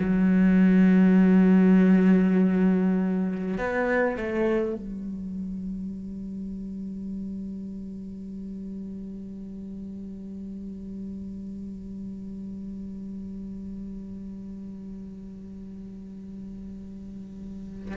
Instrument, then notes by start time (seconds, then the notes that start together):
cello
0.00 F#3
3.58 B3
4.17 A3
4.76 G3